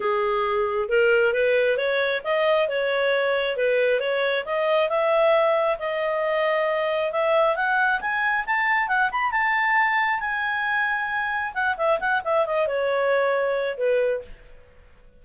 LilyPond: \new Staff \with { instrumentName = "clarinet" } { \time 4/4 \tempo 4 = 135 gis'2 ais'4 b'4 | cis''4 dis''4 cis''2 | b'4 cis''4 dis''4 e''4~ | e''4 dis''2. |
e''4 fis''4 gis''4 a''4 | fis''8 b''8 a''2 gis''4~ | gis''2 fis''8 e''8 fis''8 e''8 | dis''8 cis''2~ cis''8 b'4 | }